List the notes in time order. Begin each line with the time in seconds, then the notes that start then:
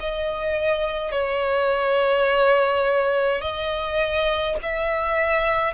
0.00 D#5
1.11 C#5
3.41 D#5
4.62 E5